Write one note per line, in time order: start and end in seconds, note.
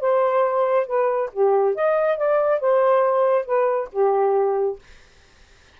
0.00 0.86 C5
0.86 1.30 B4
1.33 1.75 G4
1.75 2.17 D#5
2.17 2.60 D5
2.60 3.45 C5
3.45 3.89 B4
3.92 4.79 G4